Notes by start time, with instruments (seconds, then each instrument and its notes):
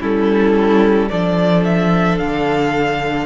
0.00 cello G3, viola C#4, violin E4 A4
1.09 cello F3, viola D4, violin A4 D5
1.64 violin E5
2.18 cello D3, violin F5